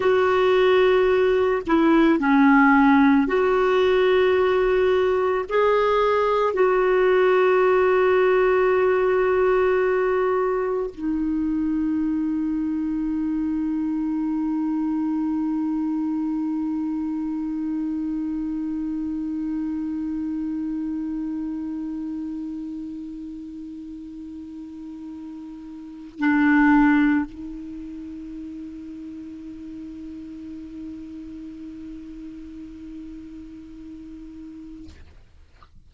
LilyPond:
\new Staff \with { instrumentName = "clarinet" } { \time 4/4 \tempo 4 = 55 fis'4. e'8 cis'4 fis'4~ | fis'4 gis'4 fis'2~ | fis'2 dis'2~ | dis'1~ |
dis'1~ | dis'1 | d'4 dis'2.~ | dis'1 | }